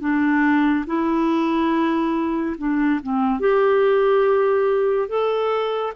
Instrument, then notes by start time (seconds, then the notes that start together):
clarinet
0.00 D4
0.86 E4
2.58 D4
3.03 C4
3.40 G4
5.08 A4